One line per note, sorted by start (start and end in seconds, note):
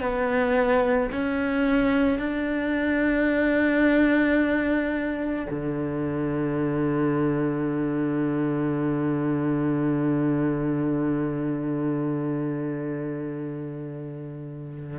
0.00 1.09 B3
1.12 2.19 C#4
2.19 5.46 D4
5.50 14.99 D3